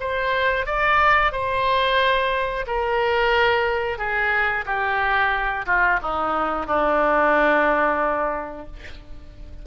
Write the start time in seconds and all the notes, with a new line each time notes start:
0.00 C5
0.66 D5
1.32 C5
2.67 A#4
3.98 G#4
4.66 G4
5.66 F4
6.02 D#4
6.67 D4